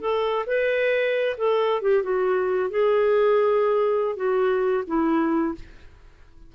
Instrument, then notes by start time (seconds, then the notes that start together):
clarinet
0.00 A4
0.46 B4
1.37 A4
1.81 G4
2.03 F#4
2.70 G#4
4.16 F#4
4.87 E4